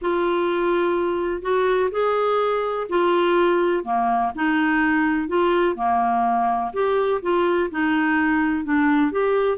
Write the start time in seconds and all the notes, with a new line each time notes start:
0.01 F4
1.42 F#4
1.91 G#4
2.89 F4
3.84 A#3
4.35 D#4
5.28 F4
5.75 A#3
6.73 G4
7.21 F4
7.71 D#4
8.64 D4
9.11 G4